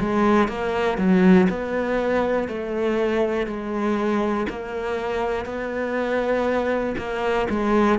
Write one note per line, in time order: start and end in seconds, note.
0.00 0.49 G#3
0.49 0.98 A#3
0.98 1.48 F#3
1.50 2.49 B3
2.49 3.47 A3
3.47 4.47 G#3
4.50 5.46 A#3
5.46 6.96 B3
6.98 7.48 A#3
7.50 8.00 G#3